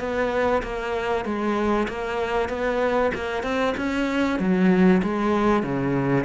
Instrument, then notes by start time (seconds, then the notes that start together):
cello
0.00 B3
0.63 A#3
1.25 G#3
1.89 A#3
2.49 B3
3.15 A#3
3.43 C4
3.77 C#4
4.40 F#3
5.03 G#3
5.63 C#3